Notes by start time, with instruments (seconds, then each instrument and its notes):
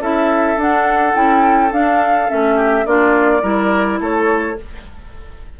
0.00 bassoon C#4, clarinet E4, oboe A4, flute E5
0.57 bassoon D4, clarinet D4, flute F#5
1.14 bassoon C#4, clarinet E4, flute G5
1.71 clarinet D4, bassoon D4, flute F5
2.28 bassoon A3, clarinet C#4, flute E5
2.56 oboe G4
2.86 bassoon A#3, clarinet D4, oboe F4, flute D5
3.42 bassoon G3, clarinet E4, oboe A#4
4.00 bassoon A3, oboe A4, flute C#5